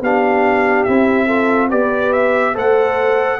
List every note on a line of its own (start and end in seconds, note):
0.00 0.85 B3
0.00 0.87 D4
0.00 1.26 G4
0.00 0.83 F5
0.83 1.72 C4
0.83 1.29 E4
0.83 1.68 E5
1.26 1.70 F4
1.26 1.68 A4
1.69 2.56 B3
1.69 2.54 G4
1.69 2.54 B4
1.69 2.12 D5
2.12 2.55 E5
2.54 3.39 A3
2.54 3.38 A4
2.54 3.39 C5
2.54 3.39 F#5